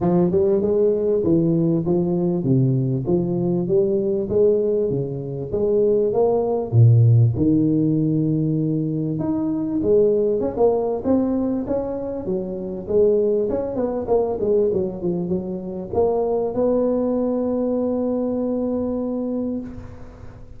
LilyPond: \new Staff \with { instrumentName = "tuba" } { \time 4/4 \tempo 4 = 98 f8 g8 gis4 e4 f4 | c4 f4 g4 gis4 | cis4 gis4 ais4 ais,4 | dis2. dis'4 |
gis4 cis'16 ais8. c'4 cis'4 | fis4 gis4 cis'8 b8 ais8 gis8 | fis8 f8 fis4 ais4 b4~ | b1 | }